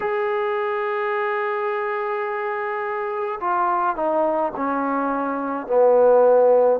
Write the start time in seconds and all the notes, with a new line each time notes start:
0.00 G#4
3.40 F4
3.95 D#4
4.56 C#4
5.66 B3